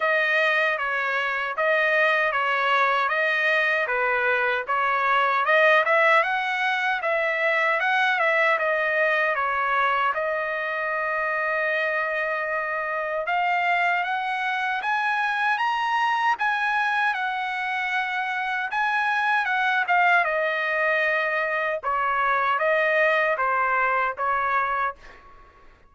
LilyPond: \new Staff \with { instrumentName = "trumpet" } { \time 4/4 \tempo 4 = 77 dis''4 cis''4 dis''4 cis''4 | dis''4 b'4 cis''4 dis''8 e''8 | fis''4 e''4 fis''8 e''8 dis''4 | cis''4 dis''2.~ |
dis''4 f''4 fis''4 gis''4 | ais''4 gis''4 fis''2 | gis''4 fis''8 f''8 dis''2 | cis''4 dis''4 c''4 cis''4 | }